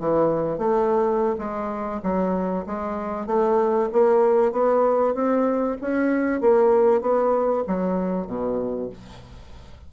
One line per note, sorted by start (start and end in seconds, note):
0.00 0.59 E3
0.59 1.37 A3
1.39 2.01 G#3
2.03 2.66 F#3
2.67 3.27 G#3
3.27 3.89 A3
3.93 4.53 A#3
4.53 5.15 B3
5.15 5.77 C4
5.82 6.41 C#4
6.41 7.02 A#3
7.02 7.64 B3
7.68 8.28 F#3
8.28 8.90 B2